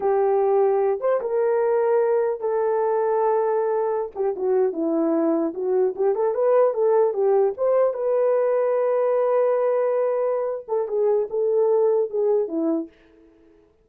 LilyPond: \new Staff \with { instrumentName = "horn" } { \time 4/4 \tempo 4 = 149 g'2~ g'8 c''8 ais'4~ | ais'2 a'2~ | a'2~ a'16 g'8 fis'4 e'16~ | e'4.~ e'16 fis'4 g'8 a'8 b'16~ |
b'8. a'4 g'4 c''4 b'16~ | b'1~ | b'2~ b'8 a'8 gis'4 | a'2 gis'4 e'4 | }